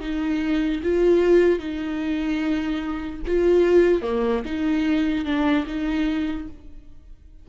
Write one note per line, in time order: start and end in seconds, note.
0.00 0.81 D#4
0.83 1.59 F4
1.59 3.21 D#4
3.27 4.02 F4
4.02 4.42 A#3
4.45 5.25 D#4
5.25 5.65 D4
5.66 6.48 D#4